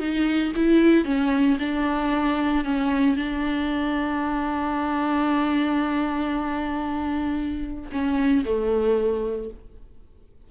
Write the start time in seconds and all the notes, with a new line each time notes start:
0.00 D#4
0.56 E4
1.05 C#4
1.59 D4
2.65 C#4
3.17 D4
7.92 C#4
8.45 A3